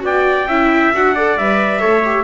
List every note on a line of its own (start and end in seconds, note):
0.00 0.46 B3
0.00 0.45 F#4
0.00 0.48 D5
0.00 0.95 G5
0.46 0.91 C#4
0.46 0.94 E4
0.46 1.15 E5
0.94 1.38 D4
0.94 1.16 F#4
0.94 1.38 F#5
1.15 1.39 A4
1.15 1.80 D5
1.38 1.82 G3
1.38 1.80 B4
1.38 2.24 E5
1.80 2.24 A3
1.80 2.03 A4
1.80 2.24 C#5
2.05 2.24 G4